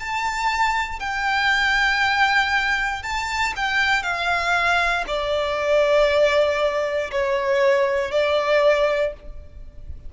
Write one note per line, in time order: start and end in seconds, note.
0.00 1.00 A5
1.00 3.03 G5
3.03 3.54 A5
3.56 4.03 G5
4.03 5.05 F5
5.08 7.11 D5
7.12 8.12 C#5
8.12 9.13 D5